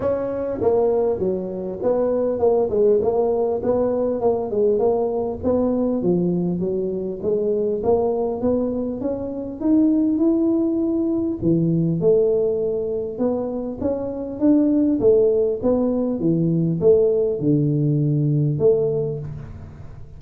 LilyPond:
\new Staff \with { instrumentName = "tuba" } { \time 4/4 \tempo 4 = 100 cis'4 ais4 fis4 b4 | ais8 gis8 ais4 b4 ais8 gis8 | ais4 b4 f4 fis4 | gis4 ais4 b4 cis'4 |
dis'4 e'2 e4 | a2 b4 cis'4 | d'4 a4 b4 e4 | a4 d2 a4 | }